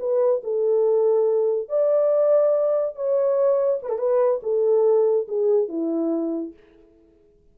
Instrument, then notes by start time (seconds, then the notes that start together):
horn
0.00 B4
0.44 A4
1.69 D5
2.96 C#5
3.83 B4
3.90 A4
3.99 B4
4.43 A4
5.28 G#4
5.69 E4